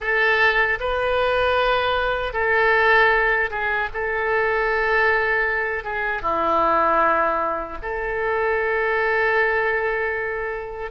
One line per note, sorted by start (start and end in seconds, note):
0.00 0.78 A4
0.80 2.33 B4
2.33 3.50 A4
3.50 3.89 G#4
3.93 5.84 A4
5.84 6.21 G#4
6.21 7.77 E4
7.82 10.91 A4